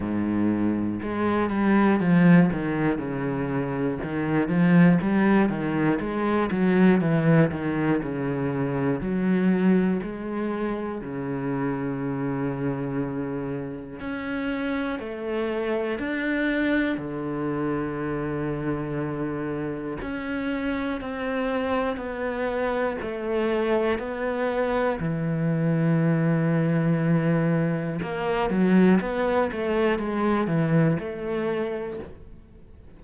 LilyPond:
\new Staff \with { instrumentName = "cello" } { \time 4/4 \tempo 4 = 60 gis,4 gis8 g8 f8 dis8 cis4 | dis8 f8 g8 dis8 gis8 fis8 e8 dis8 | cis4 fis4 gis4 cis4~ | cis2 cis'4 a4 |
d'4 d2. | cis'4 c'4 b4 a4 | b4 e2. | ais8 fis8 b8 a8 gis8 e8 a4 | }